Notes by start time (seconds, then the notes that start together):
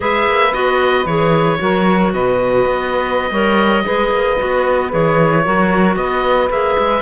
0.00 G#3 G#4 B4 E5
0.26 A#3
0.53 B3 F#4 D#5
1.05 E3 G#4 C#5
1.57 F#3 F#4 A#4
2.12 B2 B4 D#5
2.65 B3
3.30 G3 A#4 C#5
3.84 G#3 G#4 B4
4.10 A#3
4.37 B3 F#4
4.89 E3 G#4 C#5
5.43 F#3 F#4 A#4
5.96 B3 B4 D#5
6.49 A#3 G#4 E5
6.78 G#3